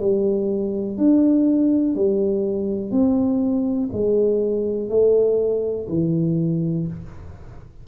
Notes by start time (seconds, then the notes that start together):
0.00 G3
0.98 D4
1.95 G3
2.92 C4
3.93 G#3
4.90 A3
5.89 E3